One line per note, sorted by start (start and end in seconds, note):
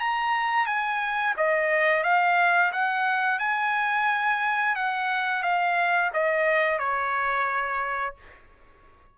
0.00 0.66 A#5
0.66 1.35 G#5
1.37 2.04 D#5
2.04 2.72 F5
2.72 3.39 F#5
3.39 4.76 G#5
4.76 5.43 F#5
5.43 6.11 F5
6.14 6.79 D#5
6.79 8.15 C#5